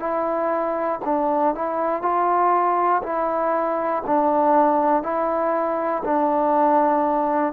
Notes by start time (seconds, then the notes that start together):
0.00 E4
1.05 D4
1.55 E4
2.02 F4
3.03 E4
4.07 D4
5.03 E4
6.05 D4